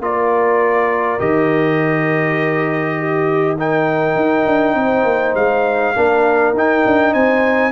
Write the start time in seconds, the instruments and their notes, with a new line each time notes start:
0.00 tuba A#3, trombone F4, horn A#4, trumpet D5
1.19 tuba D#3, trombone G4, trumpet D#5
2.98 horn G4
3.57 trombone D#4, horn A#4, trumpet G5
4.15 tuba D#4
4.46 tuba D4
4.74 tuba C4, horn C5
5.03 tuba A#3
5.34 tuba G#3, trumpet F5
5.95 tuba A#3, trombone D4, horn A#4
6.53 tuba D#4, trombone D#4, trumpet G5
6.86 tuba D4
7.13 tuba C4, horn C5, trumpet G#5